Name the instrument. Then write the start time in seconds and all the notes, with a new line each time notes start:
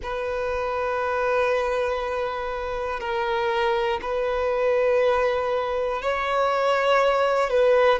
violin
0.02 B4
3.00 A#4
4.01 B4
6.02 C#5
7.50 B4